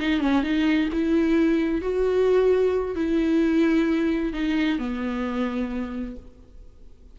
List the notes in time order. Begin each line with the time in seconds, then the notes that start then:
0.00 D#4
0.20 C#4
0.44 D#4
0.93 E4
1.82 F#4
2.96 E4
4.33 D#4
4.79 B3